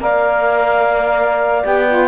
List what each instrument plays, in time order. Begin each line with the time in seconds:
0.00 cello A#3, saxophone A#4, horn D5, clarinet F5
1.63 cello B3, saxophone G4, clarinet G5
1.88 saxophone F4